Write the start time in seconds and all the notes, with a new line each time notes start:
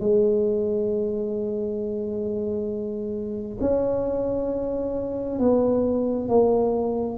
0.00 G#3
3.61 C#4
5.39 B3
6.28 A#3